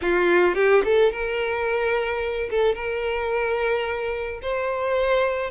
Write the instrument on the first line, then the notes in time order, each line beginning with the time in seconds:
violin
0.01 F4
0.55 G4
0.84 A4
1.12 A#4
2.50 A4
2.74 A#4
4.42 C5